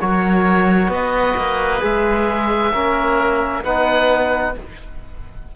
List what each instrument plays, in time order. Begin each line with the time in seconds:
0.00 cello F#3, trombone F#4, oboe A#4 C#5
0.88 cello B3, oboe B4 D#5
1.37 cello A#3
1.80 cello G#3, trombone G#4, oboe E5
2.73 cello A#3, trombone C#4, oboe A#4
3.63 cello B3, trombone D#4, oboe B4 F#5